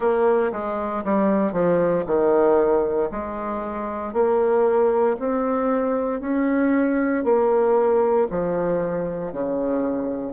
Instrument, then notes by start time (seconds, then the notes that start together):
bassoon
0.00 A#3
0.52 G#3
1.04 G3
1.52 F3
2.06 D#3
3.11 G#3
4.13 A#3
5.19 C4
6.20 C#4
7.24 A#3
8.30 F3
9.32 C#3